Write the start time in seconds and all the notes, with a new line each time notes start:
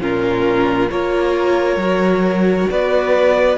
0.00 A#2 C#4 F4 A#4
0.90 A#3 F4 A#4 C#5
1.76 F#3
1.83 F#4
2.70 B3 B4 D5